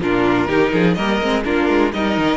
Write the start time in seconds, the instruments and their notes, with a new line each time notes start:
0.00 cello A#2, viola D4, violin F4 A#4
0.48 cello D#3, viola D#4, violin G4
0.72 cello F3, violin G#4
0.94 cello G3, viola A#3, violin A#4 D#5
1.21 cello G#3, viola C4
1.44 cello A#3, viola D4, violin F4 A#4
1.69 cello G#3
1.93 cello G3, viola D#4, violin A#4 D#5
2.17 cello D#3